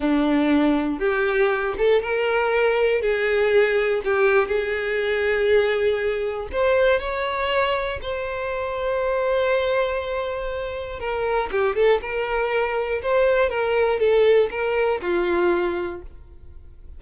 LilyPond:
\new Staff \with { instrumentName = "violin" } { \time 4/4 \tempo 4 = 120 d'2 g'4. a'8 | ais'2 gis'2 | g'4 gis'2.~ | gis'4 c''4 cis''2 |
c''1~ | c''2 ais'4 g'8 a'8 | ais'2 c''4 ais'4 | a'4 ais'4 f'2 | }